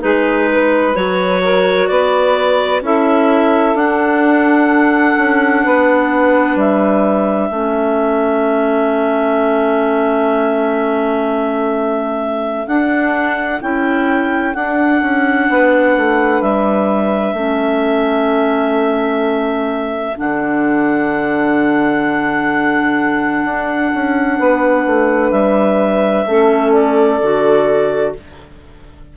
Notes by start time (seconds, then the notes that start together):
0.00 G#3 D#4 G#4 B4
0.52 B4
0.94 F#3 F#4 C#5
1.43 A#4
1.87 B3 B4 D5
2.82 C#4 E4 A4 E5
3.75 D4 F#5
5.18 C#4
5.64 B3 B4
6.56 G3 E5
7.51 A3 C#4 A4
12.67 D4 F#5
13.61 C#4 E4 G5
14.54 D4 F#5
15.02 C#4
15.50 B3 B4
15.96 A3
16.42 G3 E5
17.34 A3 C#4 A4
20.15 D3 D4 F#5
23.45 D4
23.94 C#4
24.39 B3 B4
24.87 A3
25.31 G3 E5
26.26 A3 C#4 A4
26.72 D5
27.21 D3 F#4